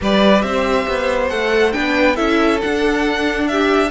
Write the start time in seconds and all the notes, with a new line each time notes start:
0.01 G3 G4 B4 D5
0.41 C4 C5 E5
0.88 B3
1.28 A3 A4 F#5
1.72 B3 D4 B4 G5
2.16 C#4 E4 A4 E5
2.61 D4 F#5
3.47 G4 E5